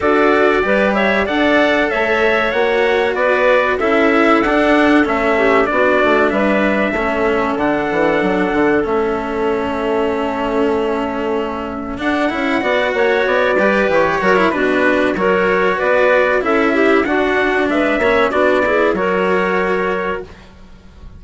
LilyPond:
<<
  \new Staff \with { instrumentName = "trumpet" } { \time 4/4 \tempo 4 = 95 d''4. e''8 fis''4 e''4 | fis''4 d''4 e''4 fis''4 | e''4 d''4 e''2 | fis''2 e''2~ |
e''2. fis''4~ | fis''4 d''4 cis''4 b'4 | cis''4 d''4 e''4 fis''4 | e''4 d''4 cis''2 | }
  \new Staff \with { instrumentName = "clarinet" } { \time 4/4 a'4 b'8 cis''8 d''4 cis''4~ | cis''4 b'4 a'2~ | a'8 g'8 fis'4 b'4 a'4~ | a'1~ |
a'1 | d''8 cis''4 b'4 ais'8 fis'4 | ais'4 b'4 a'8 g'8 fis'4 | b'8 cis''8 fis'8 gis'8 ais'2 | }
  \new Staff \with { instrumentName = "cello" } { \time 4/4 fis'4 g'4 a'2 | fis'2 e'4 d'4 | cis'4 d'2 cis'4 | d'2 cis'2~ |
cis'2. d'8 e'8 | fis'4. g'4 fis'16 e'16 d'4 | fis'2 e'4 d'4~ | d'8 cis'8 d'8 e'8 fis'2 | }
  \new Staff \with { instrumentName = "bassoon" } { \time 4/4 d'4 g4 d'4 a4 | ais4 b4 cis'4 d'4 | a4 b8 a8 g4 a4 | d8 e8 fis8 d8 a2~ |
a2. d'8 cis'8 | b8 ais8 b8 g8 e8 fis8 b,4 | fis4 b4 cis'4 d'4 | gis8 ais8 b4 fis2 | }
>>